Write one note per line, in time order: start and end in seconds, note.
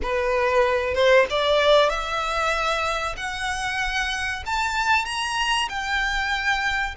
0.02 0.94 B4
0.94 1.25 C5
1.29 1.89 D5
1.89 3.16 E5
3.16 4.43 F#5
4.46 5.05 A5
5.05 5.68 A#5
5.68 6.95 G5